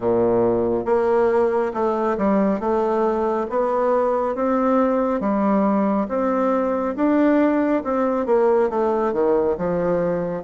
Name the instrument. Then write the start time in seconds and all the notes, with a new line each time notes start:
bassoon
0.00 A#2
0.85 A#3
1.73 A3
2.17 G3
2.60 A3
3.49 B3
4.35 C4
5.20 G3
6.08 C4
6.96 D4
7.83 C4
8.26 A#3
8.69 A3
9.12 D#3
9.57 F3